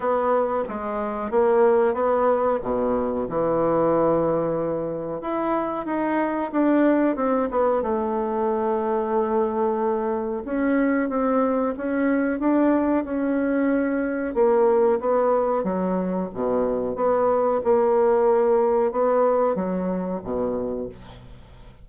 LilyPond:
\new Staff \with { instrumentName = "bassoon" } { \time 4/4 \tempo 4 = 92 b4 gis4 ais4 b4 | b,4 e2. | e'4 dis'4 d'4 c'8 b8 | a1 |
cis'4 c'4 cis'4 d'4 | cis'2 ais4 b4 | fis4 b,4 b4 ais4~ | ais4 b4 fis4 b,4 | }